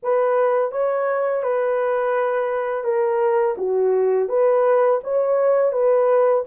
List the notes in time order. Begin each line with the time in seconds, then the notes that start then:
0.02 B4
0.71 C#5
1.42 B4
2.83 A#4
3.57 F#4
4.28 B4
5.03 C#5
5.72 B4